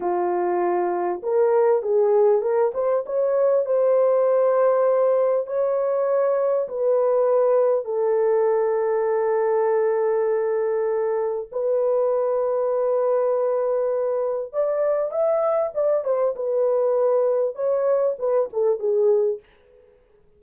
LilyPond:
\new Staff \with { instrumentName = "horn" } { \time 4/4 \tempo 4 = 99 f'2 ais'4 gis'4 | ais'8 c''8 cis''4 c''2~ | c''4 cis''2 b'4~ | b'4 a'2.~ |
a'2. b'4~ | b'1 | d''4 e''4 d''8 c''8 b'4~ | b'4 cis''4 b'8 a'8 gis'4 | }